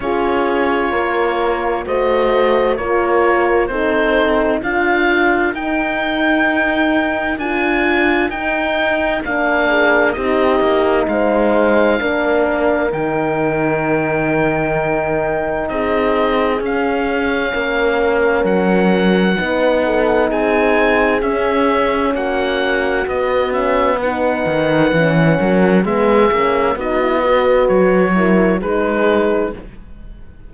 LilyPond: <<
  \new Staff \with { instrumentName = "oboe" } { \time 4/4 \tempo 4 = 65 cis''2 dis''4 cis''4 | c''4 f''4 g''2 | gis''4 g''4 f''4 dis''4 | f''2 g''2~ |
g''4 dis''4 f''2 | fis''2 gis''4 e''4 | fis''4 dis''8 e''8 fis''2 | e''4 dis''4 cis''4 b'4 | }
  \new Staff \with { instrumentName = "horn" } { \time 4/4 gis'4 ais'4 c''4 ais'4 | a'4 ais'2.~ | ais'2~ ais'8 gis'8 g'4 | c''4 ais'2.~ |
ais'4 gis'2 ais'4~ | ais'4 b'8 a'8 gis'2 | fis'2 b'4. ais'8 | gis'4 fis'8 b'4 ais'8 gis'4 | }
  \new Staff \with { instrumentName = "horn" } { \time 4/4 f'2 fis'4 f'4 | dis'4 f'4 dis'2 | f'4 dis'4 d'4 dis'4~ | dis'4 d'4 dis'2~ |
dis'2 cis'2~ | cis'4 dis'2 cis'4~ | cis'4 b8 cis'8 dis'4 cis'4 | b8 cis'8 dis'16 e'16 fis'4 e'8 dis'4 | }
  \new Staff \with { instrumentName = "cello" } { \time 4/4 cis'4 ais4 a4 ais4 | c'4 d'4 dis'2 | d'4 dis'4 ais4 c'8 ais8 | gis4 ais4 dis2~ |
dis4 c'4 cis'4 ais4 | fis4 b4 c'4 cis'4 | ais4 b4. dis8 e8 fis8 | gis8 ais8 b4 fis4 gis4 | }
>>